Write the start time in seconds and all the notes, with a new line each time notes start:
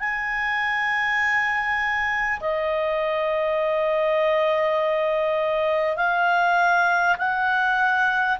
0.00 G#5
2.40 D#5
5.96 F5
7.18 F#5